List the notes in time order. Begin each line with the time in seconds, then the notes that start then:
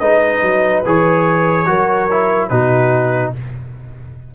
0.00 G#3 D#4 B4 D#5
0.42 F#3
0.86 E3 G#4 C#5
1.66 F#3 F#4 A#4
2.11 E4
2.49 B2 D#4 F#4 B4